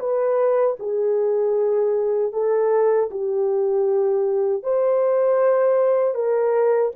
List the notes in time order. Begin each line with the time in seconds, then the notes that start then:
0.00 B4
0.80 G#4
2.33 A4
3.11 G4
4.63 C5
6.15 A#4